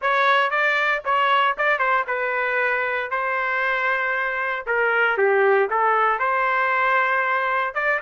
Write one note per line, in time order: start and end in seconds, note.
0.01 0.50 C#5
0.50 1.02 D5
1.04 1.56 C#5
1.57 1.78 D5
1.78 2.04 C5
2.07 3.10 B4
3.10 4.66 C5
4.66 5.17 A#4
5.17 5.69 G4
5.70 6.19 A4
6.19 7.74 C5
7.74 8.00 D5